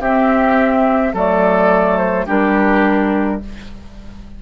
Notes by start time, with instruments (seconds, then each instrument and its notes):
0.00 bassoon C4, clarinet C4, oboe G4, flute E5
1.14 bassoon F#3, clarinet A3, oboe A4, flute D5
1.98 flute C5
2.27 bassoon G3, clarinet D4, oboe G4, flute A#4